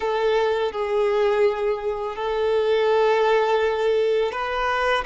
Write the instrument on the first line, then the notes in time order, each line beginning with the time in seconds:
violin
0.00 A4
0.72 G#4
2.16 A4
4.32 B4